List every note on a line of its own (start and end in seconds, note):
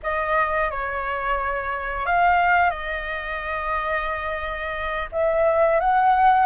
0.02 0.70 D#5
0.70 2.06 C#5
2.06 2.70 F5
2.70 5.09 D#5
5.12 5.80 E5
5.80 6.46 F#5